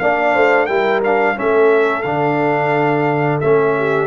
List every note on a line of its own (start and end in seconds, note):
0.00 0.35 A#3
0.00 0.69 D4
0.00 0.34 D5
0.00 0.66 F5
0.34 0.69 A3
0.34 0.67 C5
0.66 1.37 G3
0.66 1.03 E4
0.66 1.35 A#4
0.66 1.00 G5
1.04 1.36 D4
1.04 1.39 F5
1.36 2.05 A3
1.36 2.04 C#4
1.36 3.77 A4
1.36 2.03 E5
2.03 3.41 D3
2.03 3.42 D4
2.03 3.39 F5
3.41 4.07 A3
3.41 4.07 C#4
3.41 4.07 E5
3.77 4.07 G4